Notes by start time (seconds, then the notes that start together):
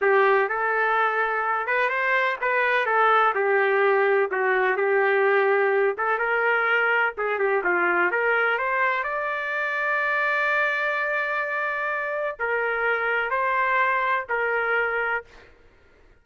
0.01 G4
0.48 A4
1.66 B4
1.89 C5
2.41 B4
2.86 A4
3.34 G4
4.31 F#4
4.76 G4
5.97 A4
6.18 A#4
7.17 G#4
7.39 G4
7.64 F4
8.11 A#4
8.58 C5
9.03 D5
12.39 A#4
13.30 C5
14.29 A#4